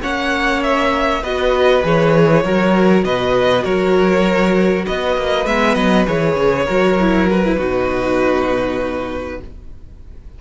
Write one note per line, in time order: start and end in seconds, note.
0.00 1.23 A#3
0.00 1.21 C#4
0.00 1.22 C#5
0.00 0.63 F#5
0.63 1.23 E5
1.22 1.83 B3
1.22 1.82 F#4
1.22 2.43 B4
1.22 1.84 D#5
1.82 2.44 E3
1.82 2.43 G#4
1.82 3.04 C#5
2.44 3.03 F#3
2.44 5.47 F#4
2.44 3.04 A#4
3.03 3.64 B2
3.03 3.63 B4
3.03 3.64 D#5
3.63 4.85 F#3
3.63 4.85 A#4
3.63 4.85 C#5
4.86 5.17 B3
4.86 6.65 B4
4.86 5.46 D#5
5.17 5.46 A#3
5.46 5.76 G#3
5.46 6.06 B3
5.46 5.74 E5
5.74 6.06 F#3
5.74 6.05 D#5
6.06 6.35 E3
6.06 6.66 G#4
6.06 7.28 C#5
6.35 6.66 C#3
6.65 7.58 F#3
6.65 6.98 F#4
6.65 7.56 A#4
7.00 7.30 E4
7.29 7.45 F#4
7.29 9.41 B4
7.45 7.58 E4
7.57 9.40 B2
7.57 9.40 D#4
7.57 9.39 F#4